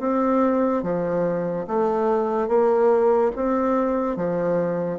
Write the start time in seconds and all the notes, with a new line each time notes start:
0.00 C4
0.83 F3
1.67 A3
2.48 A#3
3.36 C4
4.17 F3